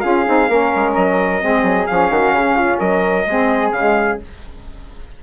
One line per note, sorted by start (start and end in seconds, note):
0.00 0.27 C#4
0.00 0.25 F4
0.00 0.49 G#4
0.00 0.92 F5
0.26 0.49 C4
0.26 0.49 D#4
0.49 0.72 A#3
0.49 1.41 C#4
0.49 1.42 A#4
0.76 0.96 G#3
0.95 1.43 F#3
0.95 1.87 D#5
1.41 1.63 G#3
1.41 1.87 C4
1.41 2.12 G#4
1.63 1.86 F#3
1.87 2.10 F3
1.87 3.26 C#4
1.87 2.79 F5
2.10 2.33 D#3
2.10 2.35 F#4
2.33 2.79 C#3
2.33 2.56 G#4
2.56 2.79 F4
2.79 3.26 F#3
2.79 3.26 A#4
2.79 3.72 D#5
3.26 3.72 G#3
3.26 3.76 C4
3.26 4.22 G#4
3.72 4.18 C#3
3.72 4.23 G#3
3.72 4.19 F5